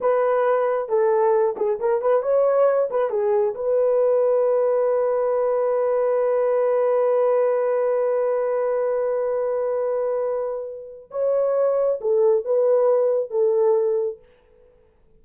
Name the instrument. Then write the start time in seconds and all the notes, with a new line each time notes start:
horn
0.00 B4
0.88 A4
1.57 G#4
1.79 A#4
2.01 B4
2.22 C#5
2.90 B4
3.10 G#4
3.54 B4
11.11 C#5
12.00 A4
12.44 B4
13.30 A4